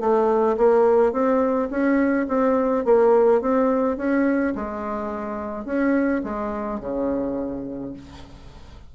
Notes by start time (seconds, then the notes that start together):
0.00 A3
0.57 A#3
1.12 C4
1.70 C#4
2.28 C4
2.85 A#3
3.41 C4
3.97 C#4
4.55 G#3
5.65 C#4
6.24 G#3
6.80 C#3